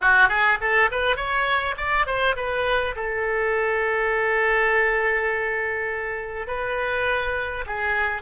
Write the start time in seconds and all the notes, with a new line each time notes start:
0.01 F#4
0.28 G#4
0.60 A4
0.91 B4
1.16 C#5
1.77 D5
2.06 C5
2.36 B4
2.95 A4
6.47 B4
7.66 G#4